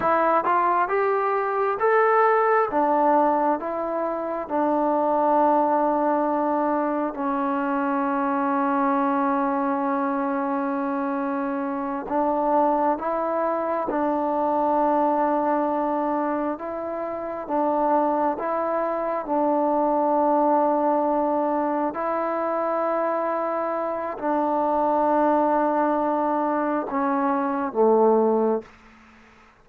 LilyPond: \new Staff \with { instrumentName = "trombone" } { \time 4/4 \tempo 4 = 67 e'8 f'8 g'4 a'4 d'4 | e'4 d'2. | cis'1~ | cis'4. d'4 e'4 d'8~ |
d'2~ d'8 e'4 d'8~ | d'8 e'4 d'2~ d'8~ | d'8 e'2~ e'8 d'4~ | d'2 cis'4 a4 | }